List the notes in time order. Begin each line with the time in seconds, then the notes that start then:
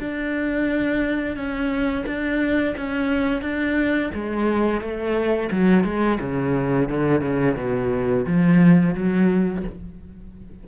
0.00 D4
1.36 C#4
2.06 D4
2.77 C#4
3.42 D4
4.14 G#3
4.81 A3
5.51 F#3
5.84 G#3
6.21 C#3
6.89 D3
7.21 C#3
7.56 B2
8.27 F3
8.95 F#3